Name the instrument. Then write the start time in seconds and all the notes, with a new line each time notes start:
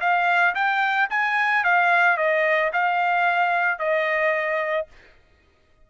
trumpet
0.00 F5
0.55 G5
1.10 G#5
1.64 F5
2.17 D#5
2.73 F5
3.79 D#5